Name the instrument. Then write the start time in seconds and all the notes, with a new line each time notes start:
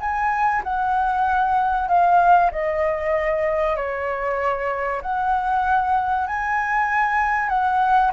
flute
0.00 G#5
0.63 F#5
1.88 F5
2.51 D#5
3.76 C#5
5.02 F#5
6.27 G#5
7.49 F#5